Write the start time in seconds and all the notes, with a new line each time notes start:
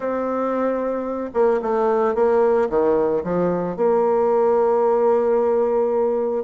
0.00 C4
1.33 A#3
1.61 A3
2.14 A#3
2.69 D#3
3.23 F3
3.76 A#3